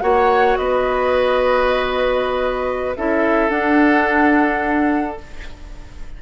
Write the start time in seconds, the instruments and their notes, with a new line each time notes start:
0.00 bassoon A#3, clarinet F#4, oboe C#5, flute F#5
0.56 bassoon B3, oboe B4, flute D#5
2.96 bassoon C#4, clarinet E4, oboe A4, flute E5
3.49 bassoon D4, clarinet D4, flute F#5